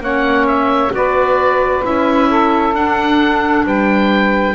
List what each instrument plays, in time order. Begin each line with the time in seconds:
0.00 double bass A#3, clarinet C#4, saxophone C#5, oboe F#5
0.47 oboe E5
0.91 double bass B3, clarinet F#4, saxophone B4, oboe D5
1.83 double bass C#4, clarinet E4, oboe E5
2.29 saxophone A4
2.73 double bass D4, clarinet D4, oboe F#5
3.66 double bass G3, saxophone B4, oboe G5